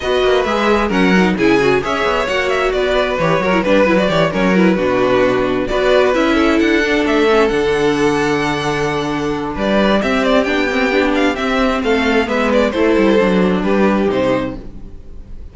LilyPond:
<<
  \new Staff \with { instrumentName = "violin" } { \time 4/4 \tempo 4 = 132 dis''4 e''4 fis''4 gis''4 | e''4 fis''8 e''8 d''4 cis''4 | b'8. d''8. cis''8 b'2~ | b'8 d''4 e''4 fis''4 e''8~ |
e''8 fis''2.~ fis''8~ | fis''4 d''4 e''8 d''8 g''4~ | g''8 f''8 e''4 f''4 e''8 d''8 | c''2 b'4 c''4 | }
  \new Staff \with { instrumentName = "violin" } { \time 4/4 b'2 ais'4 gis'4 | cis''2 b'4. ais'8 | b'4 cis''8 ais'4 fis'4.~ | fis'8 b'4. a'2~ |
a'1~ | a'4 b'4 g'2~ | g'2 a'4 b'4 | a'2 g'2 | }
  \new Staff \with { instrumentName = "viola" } { \time 4/4 fis'4 gis'4 cis'8 dis'8 e'8 fis'8 | gis'4 fis'2 g'8 fis'16 e'16 | d'8 e'16 fis'16 g'8 cis'8 e'8 d'4.~ | d'8 fis'4 e'4. d'4 |
cis'8 d'2.~ d'8~ | d'2 c'4 d'8 c'8 | d'4 c'2 b4 | e'4 d'2 dis'4 | }
  \new Staff \with { instrumentName = "cello" } { \time 4/4 b8 ais8 gis4 fis4 cis4 | cis'8 b8 ais4 b4 e8 fis8 | g8 fis8 e8 fis4 b,4.~ | b,8 b4 cis'4 d'4 a8~ |
a8 d2.~ d8~ | d4 g4 c'4 b4~ | b4 c'4 a4 gis4 | a8 g8 fis4 g4 c4 | }
>>